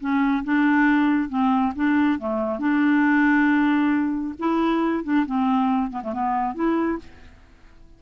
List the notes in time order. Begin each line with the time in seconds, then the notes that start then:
0.00 C#4
0.44 D4
1.29 C4
1.75 D4
2.19 A3
2.59 D4
4.39 E4
5.04 D4
5.26 C4
5.90 B3
6.03 A3
6.13 B3
6.55 E4